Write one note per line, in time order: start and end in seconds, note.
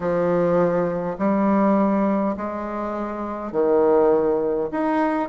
0.00 1.17 F3
1.18 2.36 G3
2.36 3.52 G#3
3.52 4.70 D#3
4.71 5.29 D#4